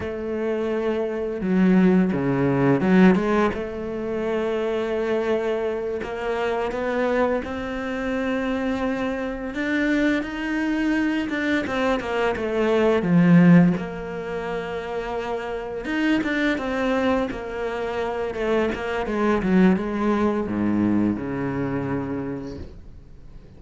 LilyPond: \new Staff \with { instrumentName = "cello" } { \time 4/4 \tempo 4 = 85 a2 fis4 cis4 | fis8 gis8 a2.~ | a8 ais4 b4 c'4.~ | c'4. d'4 dis'4. |
d'8 c'8 ais8 a4 f4 ais8~ | ais2~ ais8 dis'8 d'8 c'8~ | c'8 ais4. a8 ais8 gis8 fis8 | gis4 gis,4 cis2 | }